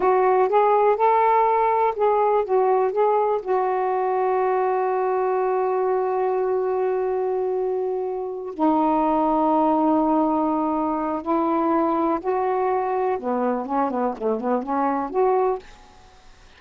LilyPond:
\new Staff \with { instrumentName = "saxophone" } { \time 4/4 \tempo 4 = 123 fis'4 gis'4 a'2 | gis'4 fis'4 gis'4 fis'4~ | fis'1~ | fis'1~ |
fis'4. dis'2~ dis'8~ | dis'2. e'4~ | e'4 fis'2 b4 | cis'8 b8 a8 b8 cis'4 fis'4 | }